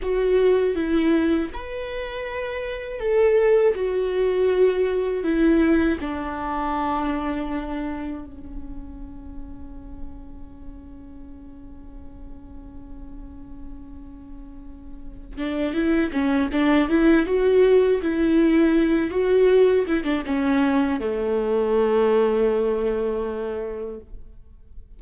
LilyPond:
\new Staff \with { instrumentName = "viola" } { \time 4/4 \tempo 4 = 80 fis'4 e'4 b'2 | a'4 fis'2 e'4 | d'2. cis'4~ | cis'1~ |
cis'1~ | cis'8 d'8 e'8 cis'8 d'8 e'8 fis'4 | e'4. fis'4 e'16 d'16 cis'4 | a1 | }